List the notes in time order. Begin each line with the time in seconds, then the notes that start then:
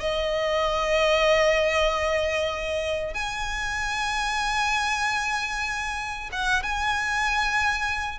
0.00 D#5
3.14 G#5
6.32 F#5
6.63 G#5